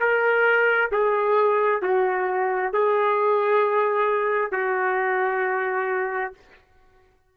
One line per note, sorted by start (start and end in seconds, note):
0.00 0.91 A#4
0.92 1.82 G#4
1.82 2.73 F#4
2.73 4.52 G#4
4.52 6.33 F#4